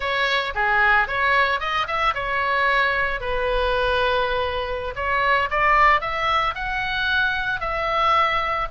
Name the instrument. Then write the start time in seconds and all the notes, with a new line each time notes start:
oboe
0.00 C#5
0.55 G#4
1.07 C#5
1.59 D#5
1.87 E5
2.14 C#5
3.20 B4
4.95 C#5
5.50 D5
6.00 E5
6.55 F#5
7.60 E5